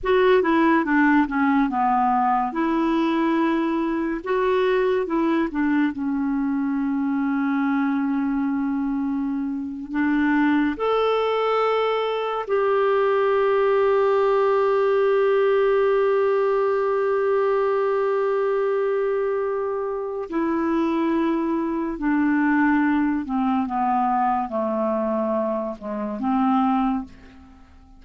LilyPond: \new Staff \with { instrumentName = "clarinet" } { \time 4/4 \tempo 4 = 71 fis'8 e'8 d'8 cis'8 b4 e'4~ | e'4 fis'4 e'8 d'8 cis'4~ | cis'2.~ cis'8. d'16~ | d'8. a'2 g'4~ g'16~ |
g'1~ | g'1 | e'2 d'4. c'8 | b4 a4. gis8 c'4 | }